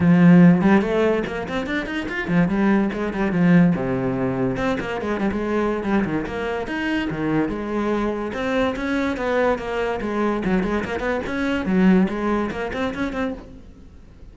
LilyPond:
\new Staff \with { instrumentName = "cello" } { \time 4/4 \tempo 4 = 144 f4. g8 a4 ais8 c'8 | d'8 dis'8 f'8 f8 g4 gis8 g8 | f4 c2 c'8 ais8 | gis8 g16 gis4~ gis16 g8 dis8 ais4 |
dis'4 dis4 gis2 | c'4 cis'4 b4 ais4 | gis4 fis8 gis8 ais8 b8 cis'4 | fis4 gis4 ais8 c'8 cis'8 c'8 | }